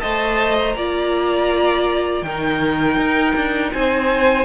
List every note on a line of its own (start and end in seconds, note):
0.00 0.75 A3
0.00 0.77 C5
0.00 0.75 D#5
0.00 0.56 A5
0.59 2.23 A#5
0.75 2.22 A#3
0.75 2.25 F4
0.75 2.25 D5
2.22 2.96 D#3
2.22 4.45 D#4
2.22 3.73 A#4
2.22 3.71 G5
2.96 3.33 D#4
3.35 3.72 D4
3.73 4.45 C4
3.73 4.45 C5
3.73 4.45 G#5